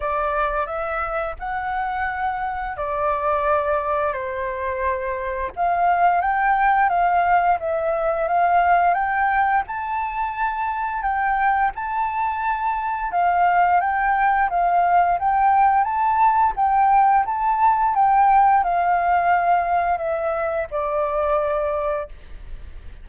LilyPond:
\new Staff \with { instrumentName = "flute" } { \time 4/4 \tempo 4 = 87 d''4 e''4 fis''2 | d''2 c''2 | f''4 g''4 f''4 e''4 | f''4 g''4 a''2 |
g''4 a''2 f''4 | g''4 f''4 g''4 a''4 | g''4 a''4 g''4 f''4~ | f''4 e''4 d''2 | }